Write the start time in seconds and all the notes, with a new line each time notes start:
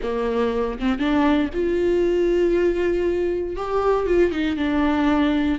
0.02 A#3
0.79 C4
0.98 D4
1.53 F4
3.56 G4
4.06 F4
4.31 D#4
4.56 D4